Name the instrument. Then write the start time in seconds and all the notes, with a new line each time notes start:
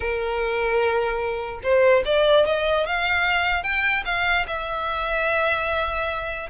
violin
0.00 A#4
1.63 C5
2.05 D5
2.46 D#5
2.86 F5
3.63 G5
4.05 F5
4.47 E5